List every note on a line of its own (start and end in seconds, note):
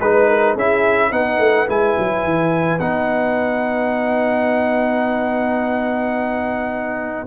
0.00 0.55 G#3
0.00 0.57 D#4
0.00 0.56 B4
0.00 0.29 B4
0.29 0.55 A#4
0.55 1.11 C#4
0.55 1.11 E4
0.55 1.09 G#4
0.55 1.12 E5
1.09 1.38 B3
1.09 1.67 D#4
1.09 7.26 B4
1.09 1.68 F#5
1.38 1.66 A3
1.67 1.97 G#3
1.67 2.79 E4
1.67 2.79 G#5
1.98 2.24 F#3
2.24 2.80 E3
2.79 7.26 B3
2.79 7.26 D#4
2.79 7.26 F#5